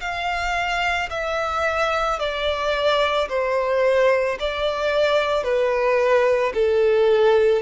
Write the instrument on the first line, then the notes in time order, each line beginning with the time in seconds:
violin
0.00 F5
1.10 E5
2.19 D5
3.29 C5
4.39 D5
5.43 B4
6.54 A4